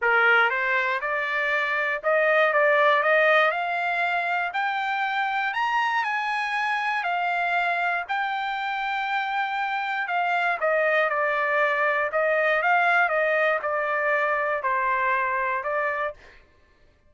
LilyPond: \new Staff \with { instrumentName = "trumpet" } { \time 4/4 \tempo 4 = 119 ais'4 c''4 d''2 | dis''4 d''4 dis''4 f''4~ | f''4 g''2 ais''4 | gis''2 f''2 |
g''1 | f''4 dis''4 d''2 | dis''4 f''4 dis''4 d''4~ | d''4 c''2 d''4 | }